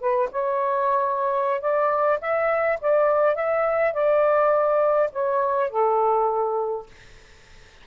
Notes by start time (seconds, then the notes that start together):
0.00 B4
0.32 C#5
1.61 D5
2.21 E5
2.81 D5
3.35 E5
3.93 D5
5.12 C#5
5.70 A4